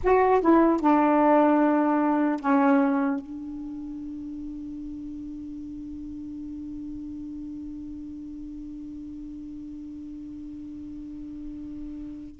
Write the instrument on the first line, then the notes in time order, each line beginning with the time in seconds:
saxophone
0.03 F#4
0.40 E4
0.80 D4
2.40 C#4
3.20 D4